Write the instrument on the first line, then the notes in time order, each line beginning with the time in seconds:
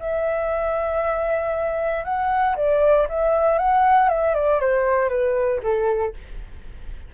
flute
0.00 E5
2.05 F#5
2.56 D5
3.09 E5
3.59 F#5
4.09 E5
4.35 D5
4.61 C5
5.10 B4
5.63 A4